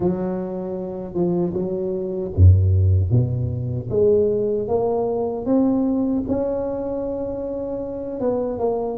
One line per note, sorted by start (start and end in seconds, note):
0.00 1.13 F#3
1.13 1.52 F3
1.53 2.31 F#3
2.35 3.10 F#2
3.10 3.88 B2
3.90 4.68 G#3
4.68 5.45 A#3
5.45 6.23 C4
6.28 8.20 C#4
8.20 8.59 B3
8.59 8.98 A#3